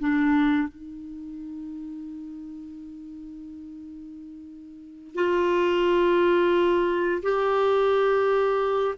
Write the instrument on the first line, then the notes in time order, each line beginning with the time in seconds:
clarinet
0.00 D4
0.69 D#4
5.16 F4
7.23 G4